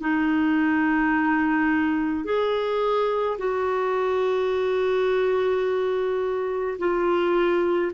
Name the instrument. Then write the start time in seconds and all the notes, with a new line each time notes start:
clarinet
0.00 D#4
2.24 G#4
3.38 F#4
6.78 F4